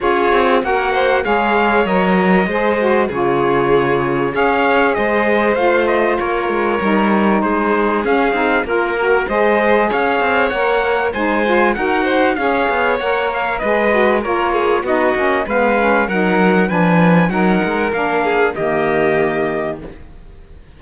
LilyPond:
<<
  \new Staff \with { instrumentName = "trumpet" } { \time 4/4 \tempo 4 = 97 cis''4 fis''4 f''4 dis''4~ | dis''4 cis''2 f''4 | dis''4 f''8 dis''8 cis''2 | c''4 f''4 ais'4 dis''4 |
f''4 fis''4 gis''4 fis''4 | f''4 fis''8 f''8 dis''4 cis''4 | dis''4 f''4 fis''4 gis''4 | fis''4 f''4 dis''2 | }
  \new Staff \with { instrumentName = "violin" } { \time 4/4 gis'4 ais'8 c''8 cis''2 | c''4 gis'2 cis''4 | c''2 ais'2 | gis'2 ais'4 c''4 |
cis''2 c''4 ais'8 c''8 | cis''2 b'4 ais'8 gis'8 | fis'4 b'4 ais'4 b'4 | ais'4. gis'8 g'2 | }
  \new Staff \with { instrumentName = "saxophone" } { \time 4/4 f'4 fis'4 gis'4 ais'4 | gis'8 fis'8 f'2 gis'4~ | gis'4 f'2 dis'4~ | dis'4 cis'8 dis'8 f'8 fis'8 gis'4~ |
gis'4 ais'4 dis'8 f'8 fis'4 | gis'4 ais'4 gis'8 fis'8 f'4 | dis'8 cis'8 b8 cis'8 dis'4 d'4 | dis'4 d'4 ais2 | }
  \new Staff \with { instrumentName = "cello" } { \time 4/4 cis'8 c'8 ais4 gis4 fis4 | gis4 cis2 cis'4 | gis4 a4 ais8 gis8 g4 | gis4 cis'8 c'8 ais4 gis4 |
cis'8 c'8 ais4 gis4 dis'4 | cis'8 b8 ais4 gis4 ais4 | b8 ais8 gis4 fis4 f4 | fis8 gis8 ais4 dis2 | }
>>